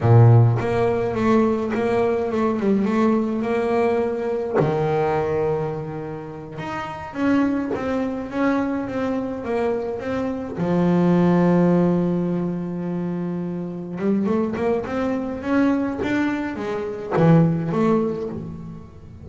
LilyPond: \new Staff \with { instrumentName = "double bass" } { \time 4/4 \tempo 4 = 105 ais,4 ais4 a4 ais4 | a8 g8 a4 ais2 | dis2.~ dis8 dis'8~ | dis'8 cis'4 c'4 cis'4 c'8~ |
c'8 ais4 c'4 f4.~ | f1~ | f8 g8 a8 ais8 c'4 cis'4 | d'4 gis4 e4 a4 | }